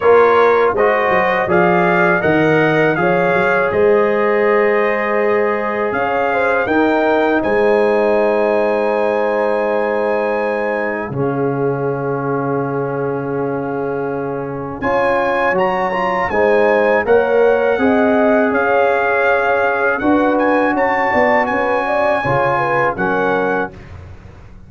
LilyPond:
<<
  \new Staff \with { instrumentName = "trumpet" } { \time 4/4 \tempo 4 = 81 cis''4 dis''4 f''4 fis''4 | f''4 dis''2. | f''4 g''4 gis''2~ | gis''2. f''4~ |
f''1 | gis''4 ais''4 gis''4 fis''4~ | fis''4 f''2 fis''8 gis''8 | a''4 gis''2 fis''4 | }
  \new Staff \with { instrumentName = "horn" } { \time 4/4 ais'4 c''4 d''4 dis''4 | cis''4 c''2. | cis''8 c''8 ais'4 c''2~ | c''2. gis'4~ |
gis'1 | cis''2 c''4 cis''4 | dis''4 cis''2 b'4 | cis''8 d''8 b'8 d''8 cis''8 b'8 ais'4 | }
  \new Staff \with { instrumentName = "trombone" } { \time 4/4 f'4 fis'4 gis'4 ais'4 | gis'1~ | gis'4 dis'2.~ | dis'2. cis'4~ |
cis'1 | f'4 fis'8 f'8 dis'4 ais'4 | gis'2. fis'4~ | fis'2 f'4 cis'4 | }
  \new Staff \with { instrumentName = "tuba" } { \time 4/4 ais4 gis8 fis8 f4 dis4 | f8 fis8 gis2. | cis'4 dis'4 gis2~ | gis2. cis4~ |
cis1 | cis'4 fis4 gis4 ais4 | c'4 cis'2 d'4 | cis'8 b8 cis'4 cis4 fis4 | }
>>